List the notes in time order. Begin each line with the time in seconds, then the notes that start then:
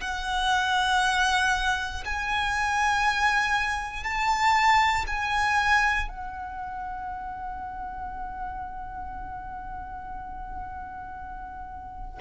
0.00 F#5
2.05 G#5
4.04 A5
5.07 G#5
6.08 F#5